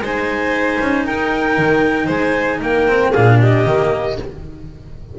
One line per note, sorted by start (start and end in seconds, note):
0.00 0.78 G#3
0.00 2.88 D#4
0.00 1.05 C5
0.00 1.05 G#5
0.80 1.06 C#4
1.05 1.57 D#4
1.05 2.06 A#4
1.05 2.09 G5
1.57 2.09 D#3
2.06 2.61 G#3
2.06 2.57 C5
2.06 2.61 G#5
2.61 3.13 A#3
2.61 3.10 A#4
2.61 3.12 G5
2.88 3.13 C4
3.10 3.65 A#2
3.10 3.66 D4
3.10 3.36 G#4
3.10 3.38 F5
3.40 4.18 G4
3.40 4.19 D#5
3.65 4.17 D#3
3.65 4.17 A#3